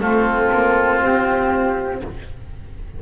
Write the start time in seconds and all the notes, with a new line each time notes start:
0.00 A3 C4 F4 A4
0.52 A#3
1.02 C4 G4